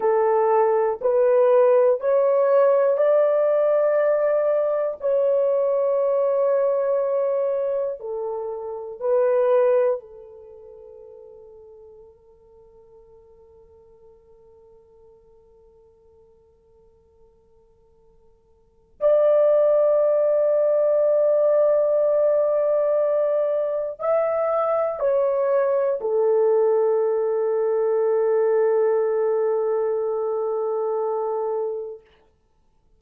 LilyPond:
\new Staff \with { instrumentName = "horn" } { \time 4/4 \tempo 4 = 60 a'4 b'4 cis''4 d''4~ | d''4 cis''2. | a'4 b'4 a'2~ | a'1~ |
a'2. d''4~ | d''1 | e''4 cis''4 a'2~ | a'1 | }